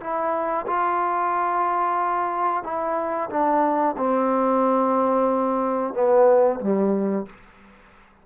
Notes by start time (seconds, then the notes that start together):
0.00 E4
0.67 F4
2.63 E4
3.30 D4
3.97 C4
5.94 B3
6.60 G3